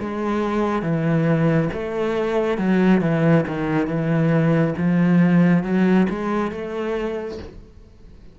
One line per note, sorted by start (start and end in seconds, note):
0.00 0.82 G#3
0.82 1.69 E3
1.74 2.58 A3
2.58 3.02 F#3
3.02 3.45 E3
3.47 3.87 D#3
3.87 4.74 E3
4.77 5.64 F3
5.64 6.07 F#3
6.09 6.52 G#3
6.52 7.39 A3